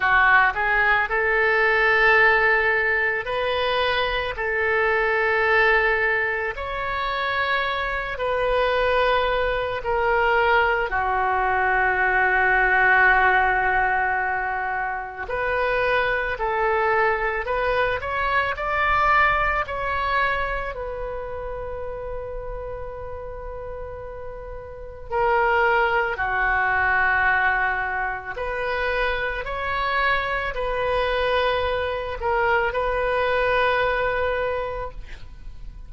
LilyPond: \new Staff \with { instrumentName = "oboe" } { \time 4/4 \tempo 4 = 55 fis'8 gis'8 a'2 b'4 | a'2 cis''4. b'8~ | b'4 ais'4 fis'2~ | fis'2 b'4 a'4 |
b'8 cis''8 d''4 cis''4 b'4~ | b'2. ais'4 | fis'2 b'4 cis''4 | b'4. ais'8 b'2 | }